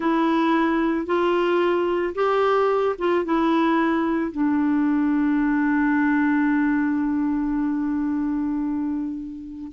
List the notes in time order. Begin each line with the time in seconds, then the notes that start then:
0.00 E4
1.05 F4
2.14 G4
2.98 F4
3.25 E4
4.31 D4